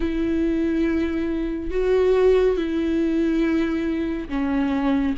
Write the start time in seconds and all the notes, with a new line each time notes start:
0.00 E4
1.71 F#4
2.56 E4
4.29 C#4